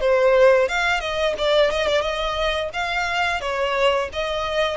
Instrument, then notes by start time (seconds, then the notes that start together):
violin
0.00 C5
0.68 F5
1.00 D#5
1.38 D5
1.71 D#5
1.87 D5
2.01 D#5
2.73 F5
3.41 C#5
4.13 D#5